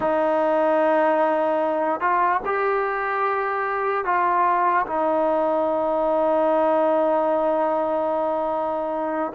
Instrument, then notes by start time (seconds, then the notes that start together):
trombone
0.00 D#4
2.00 F4
2.45 G4
4.04 F4
4.86 D#4